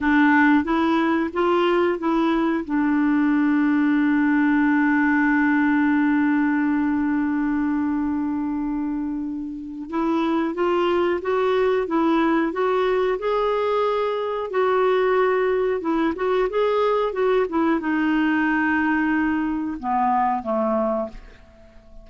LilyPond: \new Staff \with { instrumentName = "clarinet" } { \time 4/4 \tempo 4 = 91 d'4 e'4 f'4 e'4 | d'1~ | d'1~ | d'2. e'4 |
f'4 fis'4 e'4 fis'4 | gis'2 fis'2 | e'8 fis'8 gis'4 fis'8 e'8 dis'4~ | dis'2 b4 a4 | }